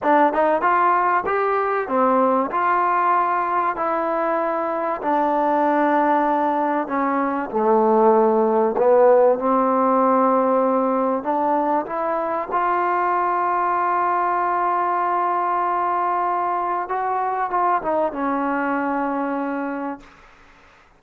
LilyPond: \new Staff \with { instrumentName = "trombone" } { \time 4/4 \tempo 4 = 96 d'8 dis'8 f'4 g'4 c'4 | f'2 e'2 | d'2. cis'4 | a2 b4 c'4~ |
c'2 d'4 e'4 | f'1~ | f'2. fis'4 | f'8 dis'8 cis'2. | }